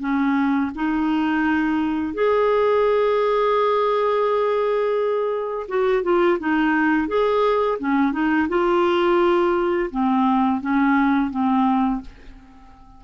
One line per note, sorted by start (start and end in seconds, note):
0.00 0.71 C#4
0.74 2.14 D#4
2.14 5.67 G#4
5.68 6.03 F#4
6.03 6.38 F4
6.39 7.07 D#4
7.07 7.78 G#4
7.79 8.12 C#4
8.12 8.47 D#4
8.48 9.90 F4
9.90 10.61 C4
10.61 11.30 C#4
11.30 12.01 C4